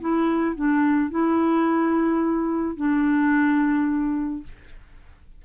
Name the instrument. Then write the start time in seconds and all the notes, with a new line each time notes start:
clarinet
0.00 E4
0.55 D4
1.10 E4
2.76 D4